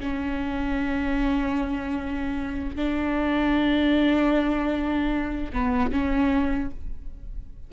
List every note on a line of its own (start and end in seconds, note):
0.00 2.76 C#4
2.76 5.52 D4
5.53 5.92 B3
5.92 6.71 C#4